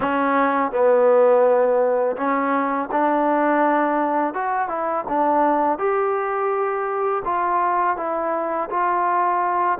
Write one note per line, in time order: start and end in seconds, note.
0.00 0.71 C#4
0.71 2.16 B3
2.17 2.89 C#4
2.91 4.34 D4
4.34 4.68 F#4
4.68 5.04 E4
5.08 5.78 D4
5.78 7.23 G4
7.25 7.96 F4
7.96 8.69 E4
8.70 9.78 F4